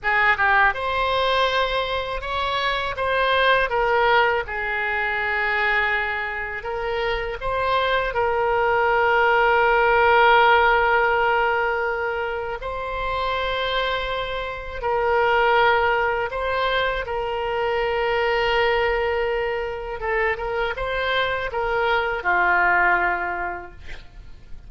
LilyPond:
\new Staff \with { instrumentName = "oboe" } { \time 4/4 \tempo 4 = 81 gis'8 g'8 c''2 cis''4 | c''4 ais'4 gis'2~ | gis'4 ais'4 c''4 ais'4~ | ais'1~ |
ais'4 c''2. | ais'2 c''4 ais'4~ | ais'2. a'8 ais'8 | c''4 ais'4 f'2 | }